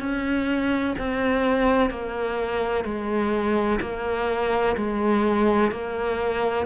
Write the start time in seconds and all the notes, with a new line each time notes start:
0.00 C#4
0.98 C4
1.90 A#3
2.84 G#3
3.81 A#3
4.77 G#3
5.71 A#3